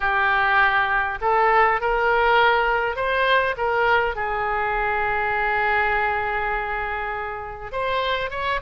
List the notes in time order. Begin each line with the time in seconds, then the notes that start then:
0.00 G4
1.21 A4
1.80 A#4
2.95 C5
3.57 A#4
4.15 G#4
7.71 C5
8.30 C#5